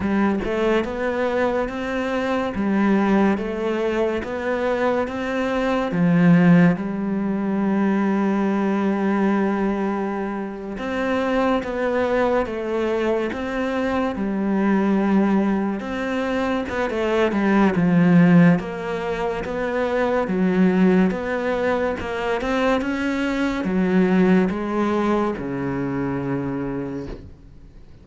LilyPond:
\new Staff \with { instrumentName = "cello" } { \time 4/4 \tempo 4 = 71 g8 a8 b4 c'4 g4 | a4 b4 c'4 f4 | g1~ | g8. c'4 b4 a4 c'16~ |
c'8. g2 c'4 b16 | a8 g8 f4 ais4 b4 | fis4 b4 ais8 c'8 cis'4 | fis4 gis4 cis2 | }